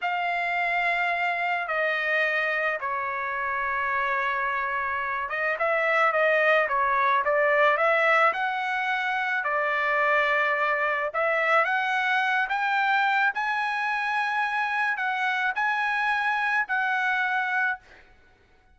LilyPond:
\new Staff \with { instrumentName = "trumpet" } { \time 4/4 \tempo 4 = 108 f''2. dis''4~ | dis''4 cis''2.~ | cis''4. dis''8 e''4 dis''4 | cis''4 d''4 e''4 fis''4~ |
fis''4 d''2. | e''4 fis''4. g''4. | gis''2. fis''4 | gis''2 fis''2 | }